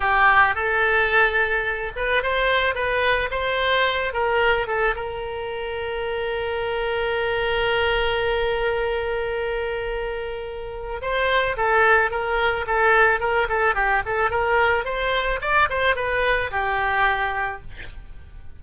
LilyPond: \new Staff \with { instrumentName = "oboe" } { \time 4/4 \tempo 4 = 109 g'4 a'2~ a'8 b'8 | c''4 b'4 c''4. ais'8~ | ais'8 a'8 ais'2.~ | ais'1~ |
ais'1 | c''4 a'4 ais'4 a'4 | ais'8 a'8 g'8 a'8 ais'4 c''4 | d''8 c''8 b'4 g'2 | }